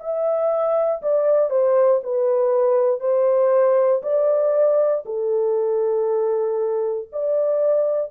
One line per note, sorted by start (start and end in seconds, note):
0.00 1.02 E5
1.02 1.50 D5
1.50 2.01 C5
2.03 3.00 B4
3.00 4.02 C5
4.03 5.04 D5
5.05 7.09 A4
7.12 8.11 D5